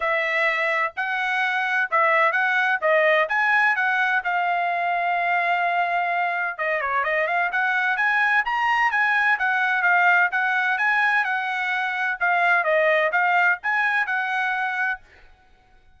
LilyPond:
\new Staff \with { instrumentName = "trumpet" } { \time 4/4 \tempo 4 = 128 e''2 fis''2 | e''4 fis''4 dis''4 gis''4 | fis''4 f''2.~ | f''2 dis''8 cis''8 dis''8 f''8 |
fis''4 gis''4 ais''4 gis''4 | fis''4 f''4 fis''4 gis''4 | fis''2 f''4 dis''4 | f''4 gis''4 fis''2 | }